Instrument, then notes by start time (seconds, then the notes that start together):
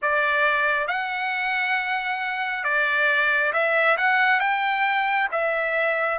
trumpet
0.02 D5
0.87 F#5
2.64 D5
3.52 E5
3.97 F#5
4.40 G5
5.31 E5